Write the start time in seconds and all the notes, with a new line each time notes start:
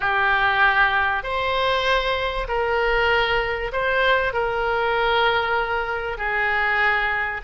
0.00 G4
1.23 C5
2.47 A#4
3.72 C5
4.33 A#4
6.17 G#4